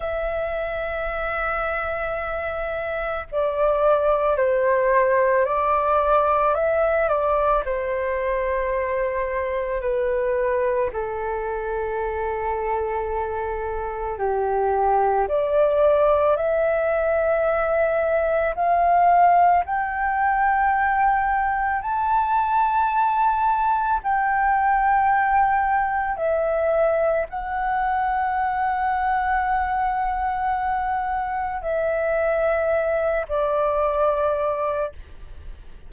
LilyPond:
\new Staff \with { instrumentName = "flute" } { \time 4/4 \tempo 4 = 55 e''2. d''4 | c''4 d''4 e''8 d''8 c''4~ | c''4 b'4 a'2~ | a'4 g'4 d''4 e''4~ |
e''4 f''4 g''2 | a''2 g''2 | e''4 fis''2.~ | fis''4 e''4. d''4. | }